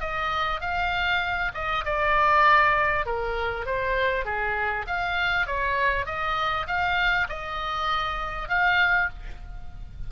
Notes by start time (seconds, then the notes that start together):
0.00 D#5
0.61 F5
1.54 D#5
1.85 D5
3.06 A#4
3.66 C5
4.25 G#4
4.87 F5
5.47 C#5
6.06 D#5
6.67 F5
7.29 D#5
8.48 F5